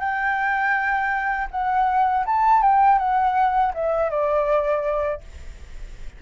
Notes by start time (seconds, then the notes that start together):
0.00 G5
1.51 F#5
2.26 A5
2.62 G5
2.99 F#5
3.75 E5
4.10 D5